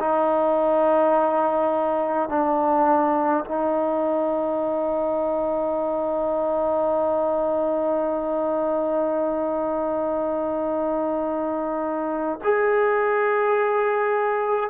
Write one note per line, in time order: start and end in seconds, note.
0.00 2.29 D#4
2.29 3.45 D4
3.45 12.39 D#4
12.44 14.70 G#4